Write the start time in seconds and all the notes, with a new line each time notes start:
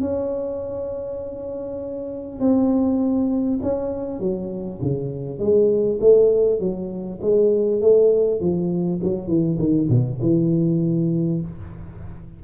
0.00 C#4
2.39 C4
3.62 C#4
4.19 F#3
4.81 C#3
5.38 G#3
6.00 A3
6.59 F#3
7.21 G#3
7.81 A3
8.40 F3
9.03 F#3
9.27 E3
9.58 D#3
9.89 B2
10.21 E3